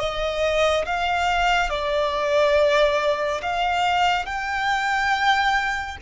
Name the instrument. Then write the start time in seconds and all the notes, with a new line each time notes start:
violin
0.00 D#5
0.86 F5
1.70 D5
3.42 F5
4.26 G5